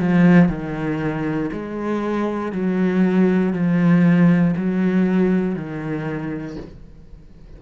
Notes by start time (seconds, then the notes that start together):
0.00 F3
0.49 D#3
1.53 G#3
2.53 F#3
3.54 F3
4.57 F#3
5.56 D#3